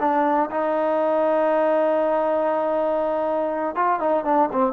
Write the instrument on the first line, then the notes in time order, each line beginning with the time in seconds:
trombone
0.00 D4
0.51 D#4
3.76 F4
4.00 D#4
4.25 D4
4.53 C4